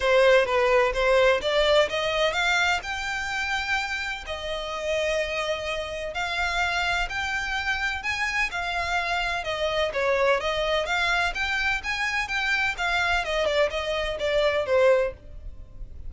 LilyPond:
\new Staff \with { instrumentName = "violin" } { \time 4/4 \tempo 4 = 127 c''4 b'4 c''4 d''4 | dis''4 f''4 g''2~ | g''4 dis''2.~ | dis''4 f''2 g''4~ |
g''4 gis''4 f''2 | dis''4 cis''4 dis''4 f''4 | g''4 gis''4 g''4 f''4 | dis''8 d''8 dis''4 d''4 c''4 | }